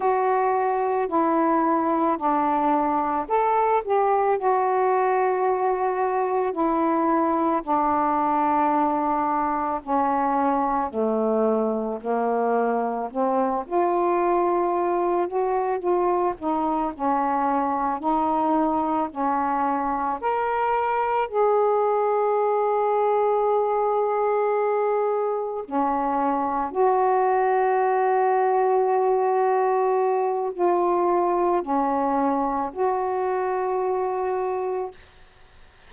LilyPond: \new Staff \with { instrumentName = "saxophone" } { \time 4/4 \tempo 4 = 55 fis'4 e'4 d'4 a'8 g'8 | fis'2 e'4 d'4~ | d'4 cis'4 a4 ais4 | c'8 f'4. fis'8 f'8 dis'8 cis'8~ |
cis'8 dis'4 cis'4 ais'4 gis'8~ | gis'2.~ gis'8 cis'8~ | cis'8 fis'2.~ fis'8 | f'4 cis'4 fis'2 | }